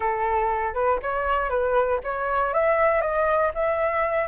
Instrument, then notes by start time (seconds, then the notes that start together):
flute
0.00 A4
0.74 B4
1.02 C#5
1.49 B4
2.03 C#5
2.53 E5
3.01 D#5
3.54 E5